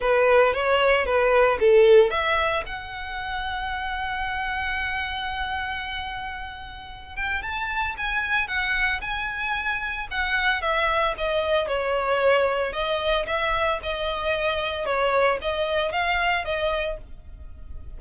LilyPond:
\new Staff \with { instrumentName = "violin" } { \time 4/4 \tempo 4 = 113 b'4 cis''4 b'4 a'4 | e''4 fis''2.~ | fis''1~ | fis''4. g''8 a''4 gis''4 |
fis''4 gis''2 fis''4 | e''4 dis''4 cis''2 | dis''4 e''4 dis''2 | cis''4 dis''4 f''4 dis''4 | }